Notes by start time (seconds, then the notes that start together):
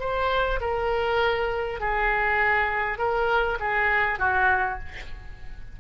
0.00 C5
0.61 A#4
1.81 G#4
2.99 A#4
3.60 G#4
4.19 F#4